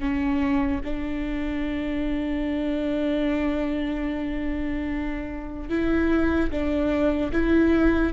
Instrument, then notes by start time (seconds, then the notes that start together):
viola
0.00 C#4
0.84 D4
5.70 E4
6.51 D4
7.33 E4